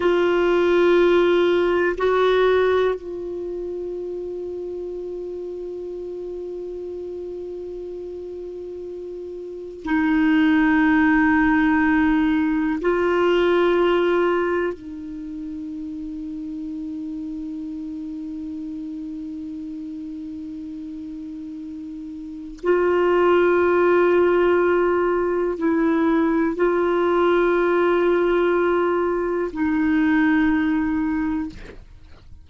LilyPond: \new Staff \with { instrumentName = "clarinet" } { \time 4/4 \tempo 4 = 61 f'2 fis'4 f'4~ | f'1~ | f'2 dis'2~ | dis'4 f'2 dis'4~ |
dis'1~ | dis'2. f'4~ | f'2 e'4 f'4~ | f'2 dis'2 | }